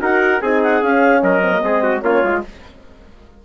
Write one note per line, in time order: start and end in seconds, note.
0.00 0.41 D#4
0.00 0.40 F#4
0.00 0.42 A#4
0.00 0.41 F#5
0.41 0.82 C4
0.41 0.82 D#4
0.41 1.22 G#4
0.41 0.61 G#5
0.62 0.83 F#5
0.82 1.22 C#4
0.82 1.42 C#4
0.82 1.22 F5
1.22 1.62 F#3
1.22 1.63 A#4
1.22 2.01 D#5
1.42 1.52 C4
1.52 1.61 A#3
1.61 2.02 G#3
1.61 2.01 C4
1.61 1.83 G#4
1.83 2.03 F#4
2.01 2.22 A#3
2.01 2.24 C#4
2.01 2.45 F4
2.01 2.41 C#5
2.23 2.44 G#3
2.23 2.44 F4